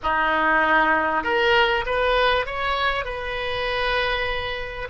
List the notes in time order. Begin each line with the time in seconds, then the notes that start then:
0.02 D#4
1.23 A#4
1.85 B4
2.46 C#5
3.04 B4